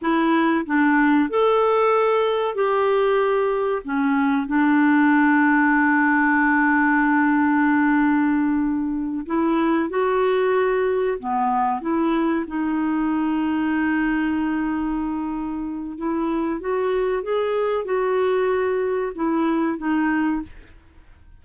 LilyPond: \new Staff \with { instrumentName = "clarinet" } { \time 4/4 \tempo 4 = 94 e'4 d'4 a'2 | g'2 cis'4 d'4~ | d'1~ | d'2~ d'8 e'4 fis'8~ |
fis'4. b4 e'4 dis'8~ | dis'1~ | dis'4 e'4 fis'4 gis'4 | fis'2 e'4 dis'4 | }